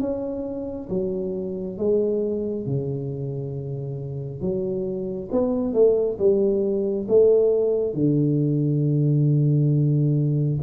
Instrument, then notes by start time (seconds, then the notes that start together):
tuba
0.00 C#4
0.90 F#3
1.78 G#3
2.66 C#3
4.41 F#3
5.31 B3
5.74 A3
6.19 G3
7.08 A3
7.94 D3